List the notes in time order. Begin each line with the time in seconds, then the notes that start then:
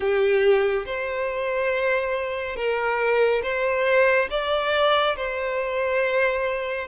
0.00 G4
0.85 C5
2.56 A#4
3.42 C5
4.30 D5
5.16 C5